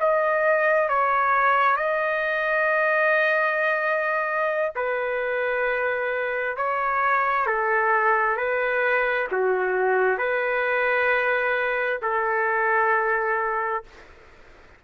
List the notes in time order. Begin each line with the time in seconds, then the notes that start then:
0.00 D#5
0.89 C#5
1.76 D#5
4.76 B4
6.57 C#5
7.47 A4
8.37 B4
9.32 F#4
10.18 B4
12.02 A4